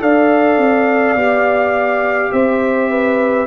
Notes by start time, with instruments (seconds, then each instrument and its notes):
0.00 tuba D4, trombone A4, horn D5, trumpet F5
0.57 tuba C4
1.15 tuba B3, trombone G4
2.32 tuba C4, horn C5, trumpet E5
2.91 horn B4